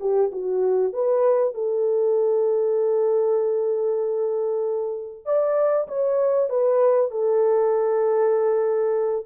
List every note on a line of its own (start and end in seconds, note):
0.00 0.31 G4
0.31 0.93 F#4
0.93 1.54 B4
1.54 5.25 A4
5.25 5.87 D5
5.88 6.49 C#5
6.49 7.11 B4
7.11 9.26 A4